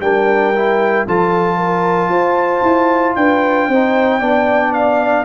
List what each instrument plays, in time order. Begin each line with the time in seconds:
0.00 tuba G3, trombone D4, horn A#4, trumpet G5
0.55 trombone E4
1.07 tuba F3, trombone F4, horn A4, trumpet A5
1.57 horn A#4
2.09 tuba F4, horn C5
2.62 tuba E4
3.16 tuba D4, horn B4, trumpet G5
3.68 tuba C4, trombone D#4, horn C5
4.20 tuba B3, trombone D4, horn D5
4.73 trumpet F5